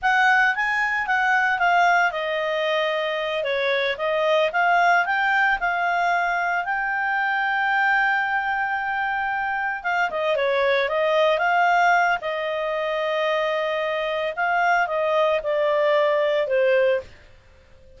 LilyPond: \new Staff \with { instrumentName = "clarinet" } { \time 4/4 \tempo 4 = 113 fis''4 gis''4 fis''4 f''4 | dis''2~ dis''8 cis''4 dis''8~ | dis''8 f''4 g''4 f''4.~ | f''8 g''2.~ g''8~ |
g''2~ g''8 f''8 dis''8 cis''8~ | cis''8 dis''4 f''4. dis''4~ | dis''2. f''4 | dis''4 d''2 c''4 | }